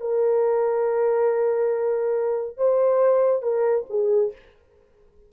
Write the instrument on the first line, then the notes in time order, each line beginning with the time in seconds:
horn
0.00 A#4
2.57 C5
3.42 A#4
3.89 G#4